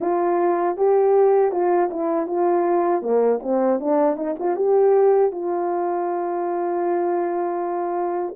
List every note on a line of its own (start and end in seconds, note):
0.00 0.76 F4
0.76 1.51 G4
1.51 1.89 F4
1.90 2.26 E4
2.26 3.02 F4
3.02 3.40 A#3
3.42 3.80 C4
3.80 4.16 D4
4.16 4.35 D#4
4.39 4.56 F4
4.56 5.31 G4
5.31 8.35 F4